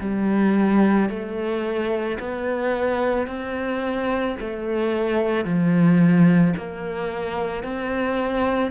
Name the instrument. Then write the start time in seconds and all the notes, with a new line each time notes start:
cello
0.00 G3
1.09 A3
2.19 B3
3.27 C4
4.40 A3
5.44 F3
6.57 A#3
7.63 C4